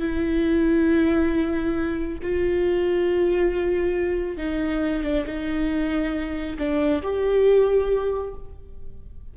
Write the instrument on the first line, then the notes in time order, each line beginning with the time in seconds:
viola
0.00 E4
2.23 F4
4.38 D#4
5.03 D4
5.26 D#4
6.59 D4
7.03 G4